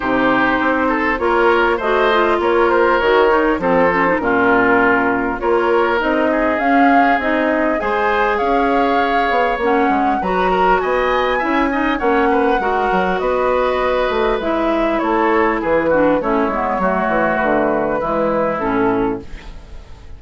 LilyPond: <<
  \new Staff \with { instrumentName = "flute" } { \time 4/4 \tempo 4 = 100 c''2 cis''4 dis''4 | cis''8 c''8 cis''4 c''4 ais'4~ | ais'4 cis''4 dis''4 f''4 | dis''4 gis''4 f''2 |
fis''4 ais''4 gis''2 | fis''2 dis''2 | e''4 cis''4 b'4 cis''4~ | cis''4 b'2 a'4 | }
  \new Staff \with { instrumentName = "oboe" } { \time 4/4 g'4. a'8 ais'4 c''4 | ais'2 a'4 f'4~ | f'4 ais'4. gis'4.~ | gis'4 c''4 cis''2~ |
cis''4 b'8 ais'8 dis''4 e''8 dis''8 | cis''8 b'8 ais'4 b'2~ | b'4 a'4 gis'8 fis'8 e'4 | fis'2 e'2 | }
  \new Staff \with { instrumentName = "clarinet" } { \time 4/4 dis'2 f'4 fis'8 f'8~ | f'4 fis'8 dis'8 c'8 cis'16 dis'16 cis'4~ | cis'4 f'4 dis'4 cis'4 | dis'4 gis'2. |
cis'4 fis'2 e'8 dis'8 | cis'4 fis'2. | e'2~ e'8 d'8 cis'8 b8 | a2 gis4 cis'4 | }
  \new Staff \with { instrumentName = "bassoon" } { \time 4/4 c4 c'4 ais4 a4 | ais4 dis4 f4 ais,4~ | ais,4 ais4 c'4 cis'4 | c'4 gis4 cis'4. b8 |
ais8 gis8 fis4 b4 cis'4 | ais4 gis8 fis8 b4. a8 | gis4 a4 e4 a8 gis8 | fis8 e8 d4 e4 a,4 | }
>>